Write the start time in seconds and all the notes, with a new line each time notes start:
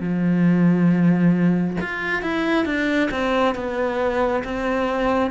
0.00 F3
1.80 F4
2.22 E4
2.65 D4
3.11 C4
3.55 B3
4.44 C4